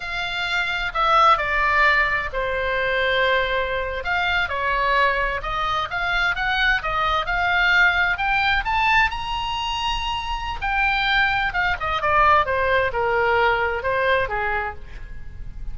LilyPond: \new Staff \with { instrumentName = "oboe" } { \time 4/4 \tempo 4 = 130 f''2 e''4 d''4~ | d''4 c''2.~ | c''8. f''4 cis''2 dis''16~ | dis''8. f''4 fis''4 dis''4 f''16~ |
f''4.~ f''16 g''4 a''4 ais''16~ | ais''2. g''4~ | g''4 f''8 dis''8 d''4 c''4 | ais'2 c''4 gis'4 | }